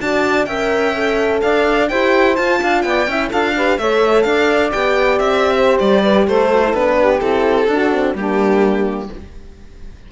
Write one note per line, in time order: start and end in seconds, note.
0.00 0.47 D4
0.00 0.47 F#4
0.00 0.47 D5
0.00 0.45 A5
0.45 1.41 C#4
0.45 0.95 A#4
0.45 1.41 E5
0.45 1.40 G5
0.95 1.89 A4
1.42 1.91 D4
1.42 1.89 D5
1.42 1.89 F5
1.89 2.38 E4
1.89 2.37 G4
1.89 2.60 C5
1.89 2.36 G5
2.36 3.08 F4
2.36 2.62 F4
2.36 2.82 A5
2.62 2.84 D4
2.62 2.85 F5
2.82 3.07 B3
2.82 3.10 D5
2.82 3.29 G5
3.07 3.31 C#4
3.07 3.32 E4
3.07 3.29 E5
3.29 3.78 D4
3.29 3.56 F4
3.29 3.53 A4
3.29 3.78 F5
3.56 3.80 G4
3.56 3.79 B4
3.78 4.25 A3
3.78 4.73 A4
3.78 4.26 C#5
3.78 4.22 E5
4.22 4.72 D4
4.22 5.55 D5
4.22 4.70 F5
4.73 5.20 B3
4.73 6.50 G4
4.73 5.19 G5
5.19 5.79 C4
5.19 5.78 E5
5.55 6.02 C5
5.79 6.27 G3
5.79 6.27 D5
6.02 6.26 B4
6.26 6.74 A3
6.26 6.97 A4
6.26 6.75 C5
6.52 6.63 F#4
6.64 6.75 E4
6.74 7.21 B3
6.74 7.20 D4
6.74 7.20 B4
6.99 7.70 G4
7.20 7.68 C4
7.20 7.67 E4
7.20 8.14 A4
7.68 8.15 D4
7.68 7.92 D4
7.68 8.17 F#4
7.92 8.15 C4
8.15 9.09 G3
8.15 9.10 A#3
8.15 9.12 D4
8.15 9.11 G4